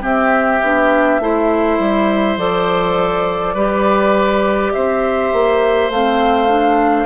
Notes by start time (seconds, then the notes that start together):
0.00 C4 G4 E5
0.62 B3 D4
1.19 A3 E4 C5
1.78 G3
2.36 F3 A4 D5
3.54 G3 G4 B4
4.73 C4 C5 E5
5.32 A#3
5.89 A3 C4 F5
6.48 D4